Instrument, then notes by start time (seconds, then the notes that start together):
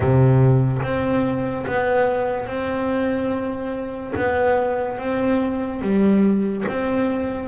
double bass
0.00 C3
0.82 C4
1.67 B3
2.46 C4
4.16 B3
4.98 C4
5.81 G3
6.67 C4